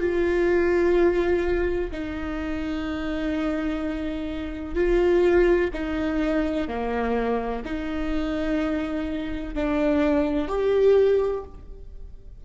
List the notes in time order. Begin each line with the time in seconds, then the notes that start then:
0.00 F4
1.91 D#4
4.74 F4
5.73 D#4
6.68 A#3
7.65 D#4
9.54 D4
10.48 G4